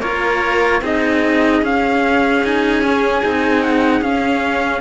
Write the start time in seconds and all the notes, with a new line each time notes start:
0.00 A#3 F4 A#4 C#5
0.81 C4 D#4 G#4 D#5
1.62 C#4 F5
2.44 D#4 G#5
2.83 C#4
3.22 C4 D#4
3.62 F#5
4.00 C#4 F5